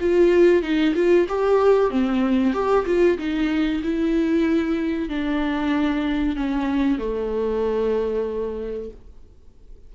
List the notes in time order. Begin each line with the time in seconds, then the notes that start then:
0.00 F4
0.62 D#4
0.95 F4
1.28 G4
1.90 C4
2.53 G4
2.85 F4
3.18 D#4
3.83 E4
5.09 D4
6.36 C#4
6.98 A3